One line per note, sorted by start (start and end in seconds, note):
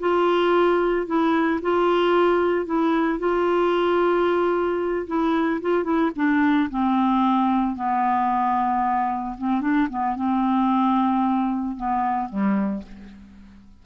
0.00 1.07 F4
1.07 1.60 E4
1.62 2.66 F4
2.66 3.19 E4
3.19 5.07 F4
5.07 5.61 E4
5.62 5.84 F4
5.84 6.11 E4
6.16 6.69 D4
6.70 7.76 C4
7.76 9.37 B3
9.38 9.61 C4
9.61 9.88 D4
9.90 10.16 B3
10.16 11.77 C4
11.77 12.29 B3
12.29 12.83 G3